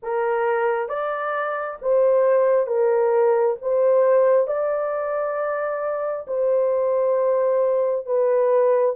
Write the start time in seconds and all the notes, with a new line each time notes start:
0.02 A#4
0.88 D5
1.82 C5
2.66 A#4
3.61 C5
4.47 D5
6.27 C5
8.06 B4